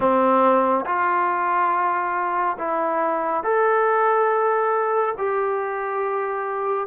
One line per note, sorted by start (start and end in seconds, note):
0.00 0.85 C4
0.85 2.57 F4
2.58 3.43 E4
3.43 5.14 A4
5.17 6.86 G4